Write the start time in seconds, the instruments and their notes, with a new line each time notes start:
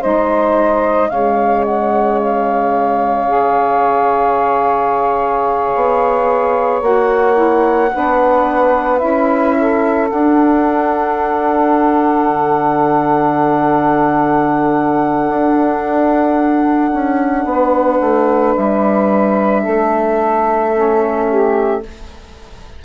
0.00 bassoon G#3, saxophone D#4 C5, flute D#5
1.09 bassoon C#3, saxophone G#3 C#5, flute F5
1.64 flute F#5
2.18 flute F5
3.27 saxophone G#4
5.75 bassoon B3
6.81 bassoon A#3, saxophone F#4, flute F#5
7.33 saxophone E4
7.93 bassoon B3, saxophone D4 B4
8.98 bassoon C#4, saxophone E4, flute E5
9.57 saxophone A4
10.09 bassoon D4, saxophone D4, flute F#5
12.28 bassoon D3
15.27 bassoon D4
16.93 bassoon C#4
17.44 bassoon B3, saxophone B4
18.00 bassoon A3
18.56 bassoon G3, flute E5
19.62 bassoon A3, saxophone A4
20.73 saxophone C#4
21.28 saxophone G4